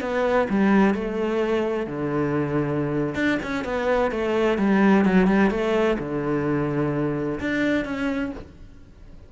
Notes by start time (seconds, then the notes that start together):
0.00 B3
0.49 G3
0.94 A3
1.86 D3
3.14 D4
3.42 C#4
3.64 B3
4.11 A3
4.58 G3
5.05 F#3
5.27 G3
5.50 A3
5.99 D3
7.40 D4
7.84 C#4